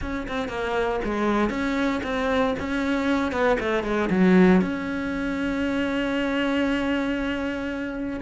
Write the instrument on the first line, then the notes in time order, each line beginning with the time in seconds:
cello
0.01 C#4
0.28 C4
0.48 A#3
1.04 G#3
1.49 C#4
2.03 C4
2.59 C#4
3.31 B3
3.59 A3
3.83 G#3
4.09 F#3
4.61 C#4